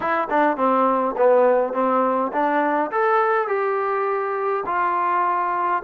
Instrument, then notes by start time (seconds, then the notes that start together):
trombone
0.00 E4
0.30 D4
0.56 C4
1.17 B3
1.73 C4
2.32 D4
2.91 A4
3.47 G4
4.66 F4